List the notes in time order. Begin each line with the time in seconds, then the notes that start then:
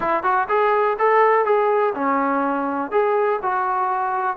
0.00 E4
0.23 F#4
0.48 G#4
0.99 A4
1.45 G#4
1.94 C#4
2.91 G#4
3.42 F#4